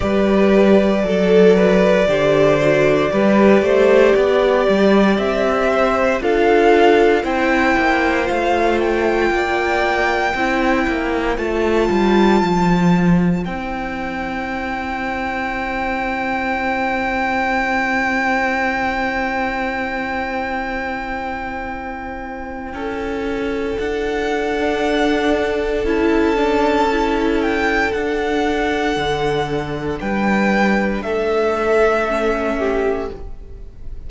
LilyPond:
<<
  \new Staff \with { instrumentName = "violin" } { \time 4/4 \tempo 4 = 58 d''1~ | d''4 e''4 f''4 g''4 | f''8 g''2~ g''8 a''4~ | a''4 g''2.~ |
g''1~ | g''2. fis''4~ | fis''4 a''4. g''8 fis''4~ | fis''4 g''4 e''2 | }
  \new Staff \with { instrumentName = "violin" } { \time 4/4 b'4 a'8 b'8 c''4 b'8 c''8 | d''4. c''8 a'4 c''4~ | c''4 d''4 c''2~ | c''1~ |
c''1~ | c''2 a'2~ | a'1~ | a'4 b'4 a'4. g'8 | }
  \new Staff \with { instrumentName = "viola" } { \time 4/4 g'4 a'4 g'8 fis'8 g'4~ | g'2 f'4 e'4 | f'2 e'4 f'4~ | f'4 e'2.~ |
e'1~ | e'2.~ e'8. d'16~ | d'4 e'8 d'8 e'4 d'4~ | d'2. cis'4 | }
  \new Staff \with { instrumentName = "cello" } { \time 4/4 g4 fis4 d4 g8 a8 | b8 g8 c'4 d'4 c'8 ais8 | a4 ais4 c'8 ais8 a8 g8 | f4 c'2.~ |
c'1~ | c'2 cis'4 d'4~ | d'4 cis'2 d'4 | d4 g4 a2 | }
>>